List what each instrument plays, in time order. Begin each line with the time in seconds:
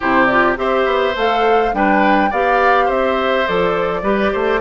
0.00 bassoon C3, clarinet E4, oboe G4, flute C5
0.26 clarinet F4, flute D5
0.56 bassoon C4, clarinet G4, oboe C5, flute E5
0.85 bassoon B3
1.15 bassoon A3, clarinet A4, flute F5
1.72 bassoon G3, clarinet D4, oboe B4, flute G5
2.30 bassoon B3, clarinet G4, oboe D5, flute F5
2.85 bassoon C4, oboe C5, flute E5
3.46 bassoon F3, clarinet A4, flute D5
4.02 bassoon G3, clarinet G4, oboe B4
4.32 bassoon A3, oboe C5